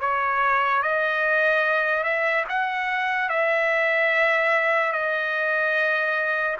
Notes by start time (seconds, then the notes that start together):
0.00 C#5
0.82 D#5
2.03 E5
2.48 F#5
3.29 E5
4.92 D#5